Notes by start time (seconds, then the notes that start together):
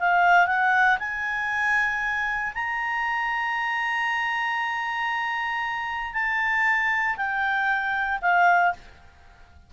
0.00 F5
0.47 F#5
1.00 G#5
2.55 A#5
6.14 A5
7.17 G5
8.22 F5